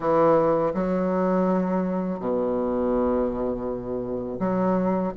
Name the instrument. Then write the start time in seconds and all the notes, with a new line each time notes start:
bassoon
0.00 E3
0.74 F#3
2.20 B2
4.39 F#3